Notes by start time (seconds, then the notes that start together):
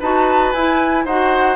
0.00 D#4 F#4 B4 A5
0.52 E4 G#5
1.05 D#4 F#4 C5 F#5